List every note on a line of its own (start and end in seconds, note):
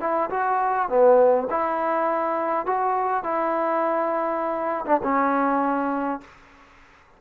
0.00 0.29 E4
0.30 0.89 F#4
0.89 1.48 B3
1.50 2.66 E4
2.66 3.23 F#4
3.23 4.85 E4
4.86 5.01 D4
5.03 6.21 C#4